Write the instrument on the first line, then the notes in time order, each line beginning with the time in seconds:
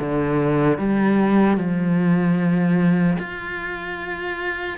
cello
0.00 D3
0.79 G3
1.58 F3
3.19 F4